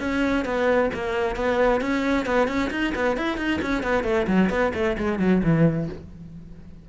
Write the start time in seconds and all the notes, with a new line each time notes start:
0.00 C#4
0.45 B3
0.94 A#3
1.36 B3
1.81 C#4
2.26 B3
2.48 C#4
2.71 D#4
2.95 B3
3.17 E4
3.38 D#4
3.62 C#4
3.83 B3
4.04 A3
4.27 F#3
4.50 B3
4.74 A3
4.98 G#3
5.19 F#3
5.43 E3